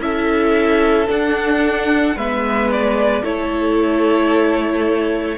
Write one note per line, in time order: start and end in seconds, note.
0.00 1.07 C#4
0.00 1.08 E4
0.00 2.16 A4
0.00 1.08 E5
1.08 2.15 D4
1.08 2.16 D4
1.08 2.17 F#5
2.16 3.23 G#3
2.16 3.24 B3
2.16 3.23 B4
2.16 2.71 E5
2.72 3.24 D5
3.23 5.38 A3
3.23 5.38 E4
3.23 5.37 A4
3.23 5.38 C#5